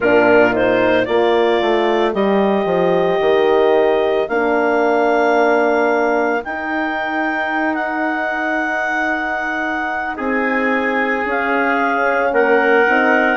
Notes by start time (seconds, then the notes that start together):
0.00 A#2 D4 F4 A#4
0.52 D#4 C5
1.05 A#3 F4 A#4 D5
1.61 A3
2.13 G3 G4 D#5
2.65 F3
3.20 D#3
4.28 A#3 D4 F5
6.43 D#4 G5
7.74 F#5
10.16 C4 G#4 G#5
11.25 C#4 F5
12.32 A#3 A#4 F#5
12.87 C4 D#4